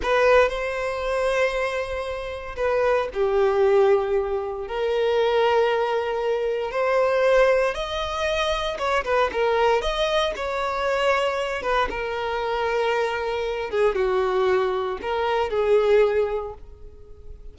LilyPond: \new Staff \with { instrumentName = "violin" } { \time 4/4 \tempo 4 = 116 b'4 c''2.~ | c''4 b'4 g'2~ | g'4 ais'2.~ | ais'4 c''2 dis''4~ |
dis''4 cis''8 b'8 ais'4 dis''4 | cis''2~ cis''8 b'8 ais'4~ | ais'2~ ais'8 gis'8 fis'4~ | fis'4 ais'4 gis'2 | }